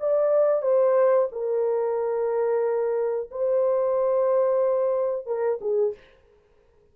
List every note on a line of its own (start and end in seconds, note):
0.00 0.63 D5
0.63 1.29 C5
1.32 3.30 A#4
3.31 5.26 C5
5.26 5.59 A#4
5.61 5.94 G#4